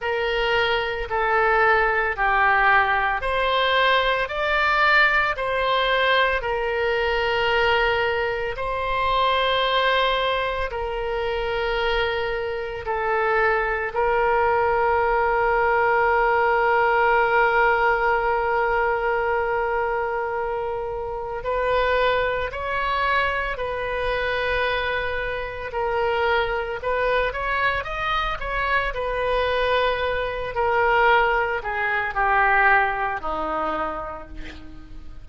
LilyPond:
\new Staff \with { instrumentName = "oboe" } { \time 4/4 \tempo 4 = 56 ais'4 a'4 g'4 c''4 | d''4 c''4 ais'2 | c''2 ais'2 | a'4 ais'2.~ |
ais'1 | b'4 cis''4 b'2 | ais'4 b'8 cis''8 dis''8 cis''8 b'4~ | b'8 ais'4 gis'8 g'4 dis'4 | }